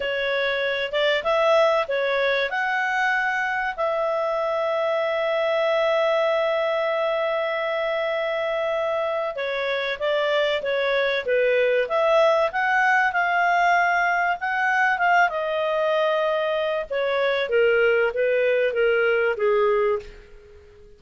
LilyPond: \new Staff \with { instrumentName = "clarinet" } { \time 4/4 \tempo 4 = 96 cis''4. d''8 e''4 cis''4 | fis''2 e''2~ | e''1~ | e''2. cis''4 |
d''4 cis''4 b'4 e''4 | fis''4 f''2 fis''4 | f''8 dis''2~ dis''8 cis''4 | ais'4 b'4 ais'4 gis'4 | }